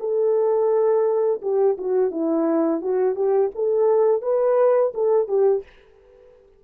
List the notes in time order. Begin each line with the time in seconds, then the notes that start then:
0.00 A4
1.42 G4
1.78 F#4
2.11 E4
2.82 F#4
3.16 G4
3.56 A4
4.22 B4
4.95 A4
5.28 G4